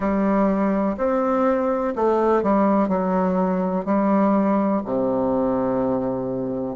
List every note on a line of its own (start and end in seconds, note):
0.00 0.96 G3
0.97 1.94 C4
1.95 2.42 A3
2.42 2.88 G3
2.88 3.85 F#3
3.85 4.82 G3
4.85 6.76 C3